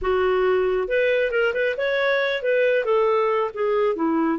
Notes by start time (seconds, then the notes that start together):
0.01 F#4
0.88 B4
1.31 A#4
1.53 B4
1.77 C#5
2.42 B4
2.84 A4
3.54 G#4
3.95 E4